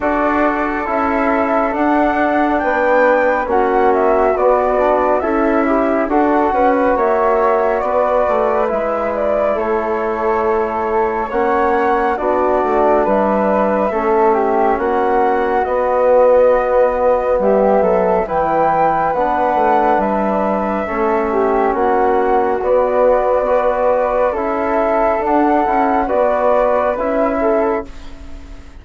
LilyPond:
<<
  \new Staff \with { instrumentName = "flute" } { \time 4/4 \tempo 4 = 69 d''4 e''4 fis''4 g''4 | fis''8 e''8 d''4 e''4 fis''4 | e''4 d''4 e''8 d''8 cis''4~ | cis''4 fis''4 d''4 e''4~ |
e''4 fis''4 dis''2 | e''4 g''4 fis''4 e''4~ | e''4 fis''4 d''2 | e''4 fis''4 d''4 e''4 | }
  \new Staff \with { instrumentName = "flute" } { \time 4/4 a'2. b'4 | fis'2 e'4 a'8 b'8 | cis''4 b'2 a'4~ | a'4 cis''4 fis'4 b'4 |
a'8 g'8 fis'2. | g'8 a'8 b'2. | a'8 g'8 fis'2 b'4 | a'2 b'4. a'8 | }
  \new Staff \with { instrumentName = "trombone" } { \time 4/4 fis'4 e'4 d'2 | cis'4 b8 d'8 a'8 g'8 fis'4~ | fis'2 e'2~ | e'4 cis'4 d'2 |
cis'2 b2~ | b4 e'4 d'2 | cis'2 b4 fis'4 | e'4 d'8 e'8 fis'4 e'4 | }
  \new Staff \with { instrumentName = "bassoon" } { \time 4/4 d'4 cis'4 d'4 b4 | ais4 b4 cis'4 d'8 cis'8 | ais4 b8 a8 gis4 a4~ | a4 ais4 b8 a8 g4 |
a4 ais4 b2 | g8 fis8 e4 b8 a8 g4 | a4 ais4 b2 | cis'4 d'8 cis'8 b4 cis'4 | }
>>